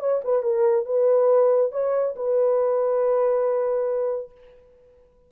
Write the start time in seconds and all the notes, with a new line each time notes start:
0.00 C#5
0.25 B4
0.43 A#4
0.86 B4
1.72 C#5
2.16 B4